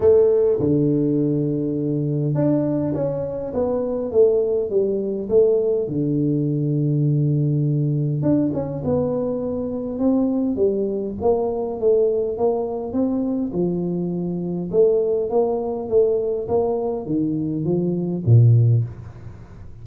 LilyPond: \new Staff \with { instrumentName = "tuba" } { \time 4/4 \tempo 4 = 102 a4 d2. | d'4 cis'4 b4 a4 | g4 a4 d2~ | d2 d'8 cis'8 b4~ |
b4 c'4 g4 ais4 | a4 ais4 c'4 f4~ | f4 a4 ais4 a4 | ais4 dis4 f4 ais,4 | }